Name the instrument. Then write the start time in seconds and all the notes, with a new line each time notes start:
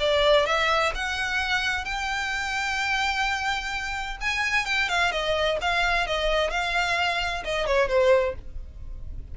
violin
0.00 D5
0.47 E5
0.95 F#5
1.85 G5
4.21 G#5
4.66 G5
4.89 F5
5.12 D#5
5.62 F5
6.07 D#5
6.51 F5
7.45 D#5
7.67 C#5
7.89 C5